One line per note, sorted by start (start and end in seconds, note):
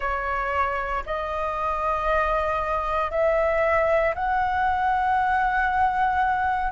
0.00 1.03 C#5
1.06 3.10 D#5
3.10 4.14 E5
4.14 6.71 F#5